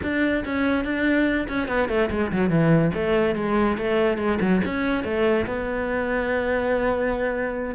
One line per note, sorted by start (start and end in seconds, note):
0.02 0.44 D4
0.44 0.84 C#4
0.84 1.47 D4
1.48 1.68 C#4
1.68 1.88 B3
1.88 2.09 A3
2.10 2.31 G#3
2.32 2.49 F#3
2.49 2.91 E3
2.94 3.35 A3
3.35 3.77 G#3
3.77 4.17 A3
4.17 4.38 G#3
4.40 4.61 F#3
4.65 5.04 C#4
5.04 5.46 A3
5.46 7.75 B3